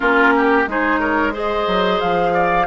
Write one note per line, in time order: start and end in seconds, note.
0.00 0.66 A#3
0.00 0.65 C#4
0.00 0.33 F4
0.00 0.66 A#4
0.35 0.69 G4
0.66 1.66 G#3
0.66 1.32 D#4
0.66 1.00 G#4
0.66 0.99 C5
0.99 1.33 A#4
0.99 1.32 C#5
1.32 2.65 G#4
1.32 2.33 C5
1.32 2.00 D#5
1.67 2.00 F#3
2.00 2.66 F3
2.00 2.66 F5
2.33 2.66 D5